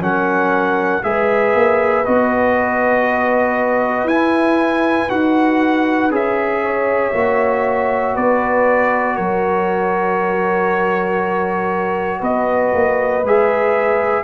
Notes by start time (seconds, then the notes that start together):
0.00 F#3 C#4 A#4 F#5
1.03 G#3 G#4 B4 E5
1.54 A#3
2.05 B3 F#4 D#5
4.04 E4 G#5
5.09 D#4 F#4 F#5
6.10 C#4 G#4 E5
6.63 C#5
7.13 A#3 F#4
8.15 B3 B4 D5
9.16 F#3 A#4 C#5
12.19 B3 B4 D#5
12.73 A#3
13.23 G#3 G#4 E5